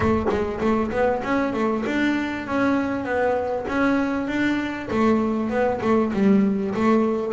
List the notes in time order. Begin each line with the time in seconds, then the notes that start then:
0.00 A3
0.29 G#3
0.60 A3
0.91 B3
1.23 C#4
1.53 A3
1.85 D4
2.46 C#4
3.04 B3
3.68 C#4
4.27 D4
4.90 A3
5.49 B3
5.81 A3
6.13 G3
6.74 A3